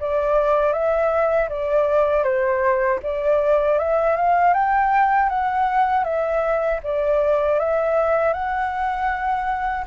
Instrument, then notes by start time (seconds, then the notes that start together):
flute
0.00 D5
0.73 E5
1.49 D5
2.23 C5
3.03 D5
3.78 E5
4.16 F5
4.54 G5
5.29 F#5
6.04 E5
6.83 D5
7.59 E5
8.33 F#5